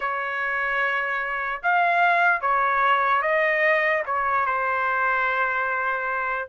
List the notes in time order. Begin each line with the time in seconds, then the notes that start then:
0.00 C#5
1.62 F5
2.41 C#5
3.22 D#5
4.05 C#5
4.46 C5